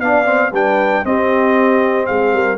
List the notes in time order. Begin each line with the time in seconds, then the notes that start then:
0.00 B3 D4 D5 F5
0.25 C4
0.51 G3 D4 B4 G5
1.04 C4 G4 D#5
2.06 G#3 G#4 F5
2.33 G3 A#4